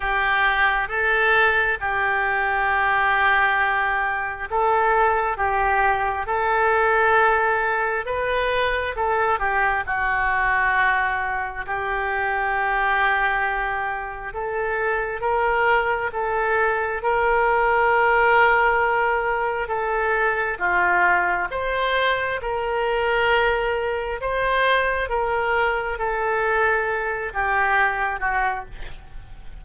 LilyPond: \new Staff \with { instrumentName = "oboe" } { \time 4/4 \tempo 4 = 67 g'4 a'4 g'2~ | g'4 a'4 g'4 a'4~ | a'4 b'4 a'8 g'8 fis'4~ | fis'4 g'2. |
a'4 ais'4 a'4 ais'4~ | ais'2 a'4 f'4 | c''4 ais'2 c''4 | ais'4 a'4. g'4 fis'8 | }